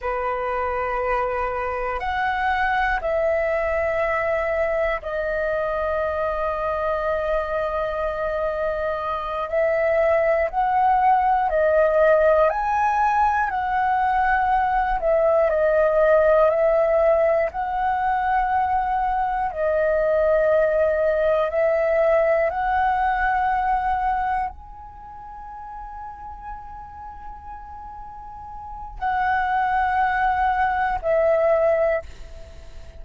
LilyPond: \new Staff \with { instrumentName = "flute" } { \time 4/4 \tempo 4 = 60 b'2 fis''4 e''4~ | e''4 dis''2.~ | dis''4. e''4 fis''4 dis''8~ | dis''8 gis''4 fis''4. e''8 dis''8~ |
dis''8 e''4 fis''2 dis''8~ | dis''4. e''4 fis''4.~ | fis''8 gis''2.~ gis''8~ | gis''4 fis''2 e''4 | }